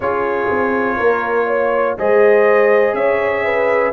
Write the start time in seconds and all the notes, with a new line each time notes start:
0.00 C#4 F4 G#4 C#5
0.50 C4
0.97 A#3 A#4
1.47 C#5
1.98 G#3 G#4 C5 D#5
2.93 C#4 C#5 E5
3.44 B4